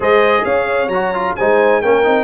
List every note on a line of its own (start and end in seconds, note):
0.00 0.42 G#3
0.00 0.88 G#4
0.00 0.45 C5
0.00 0.44 D#5
0.44 0.88 C#4
0.44 1.36 C#5
0.44 0.89 F5
0.88 1.34 F#3
0.88 1.13 F#4
0.88 1.34 A#5
1.13 1.36 F4
1.36 1.83 G#3
1.36 1.83 D#4
1.36 1.81 C5
1.36 1.81 G#5
1.81 2.06 A#3
1.81 2.04 C#4
1.81 2.23 A#4
1.81 2.23 G5
2.04 2.23 C4
2.04 2.23 D#4